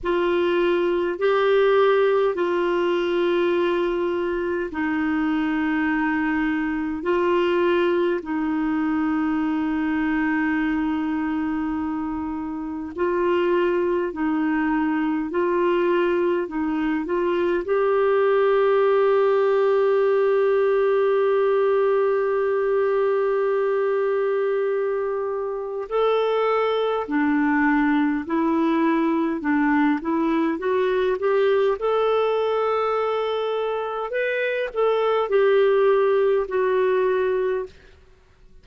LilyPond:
\new Staff \with { instrumentName = "clarinet" } { \time 4/4 \tempo 4 = 51 f'4 g'4 f'2 | dis'2 f'4 dis'4~ | dis'2. f'4 | dis'4 f'4 dis'8 f'8 g'4~ |
g'1~ | g'2 a'4 d'4 | e'4 d'8 e'8 fis'8 g'8 a'4~ | a'4 b'8 a'8 g'4 fis'4 | }